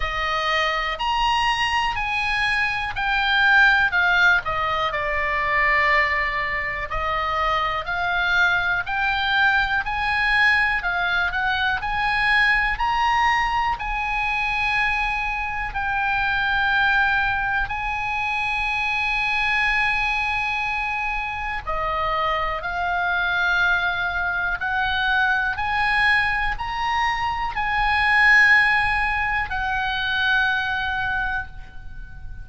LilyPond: \new Staff \with { instrumentName = "oboe" } { \time 4/4 \tempo 4 = 61 dis''4 ais''4 gis''4 g''4 | f''8 dis''8 d''2 dis''4 | f''4 g''4 gis''4 f''8 fis''8 | gis''4 ais''4 gis''2 |
g''2 gis''2~ | gis''2 dis''4 f''4~ | f''4 fis''4 gis''4 ais''4 | gis''2 fis''2 | }